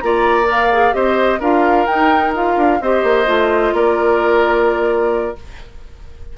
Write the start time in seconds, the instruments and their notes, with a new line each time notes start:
0.00 bassoon A#3, clarinet F4, oboe D5, flute A#5
0.44 clarinet A#4
0.51 flute F5
0.72 clarinet G#4
0.92 bassoon C4, clarinet G4, oboe C5, flute D#5
1.39 bassoon D4, clarinet F4, oboe A#4, flute F5
1.86 clarinet D#4, bassoon D#4, flute G5
2.33 clarinet F4, flute F5
2.56 bassoon D4
2.80 bassoon C4, clarinet G4, oboe C5, flute D#5
3.03 bassoon A#3
3.26 bassoon A3, clarinet F4
3.72 bassoon A#3, oboe A#4, flute D5